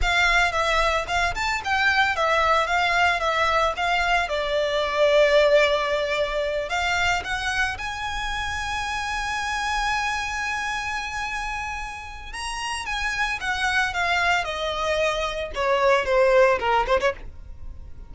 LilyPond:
\new Staff \with { instrumentName = "violin" } { \time 4/4 \tempo 4 = 112 f''4 e''4 f''8 a''8 g''4 | e''4 f''4 e''4 f''4 | d''1~ | d''8 f''4 fis''4 gis''4.~ |
gis''1~ | gis''2. ais''4 | gis''4 fis''4 f''4 dis''4~ | dis''4 cis''4 c''4 ais'8 c''16 cis''16 | }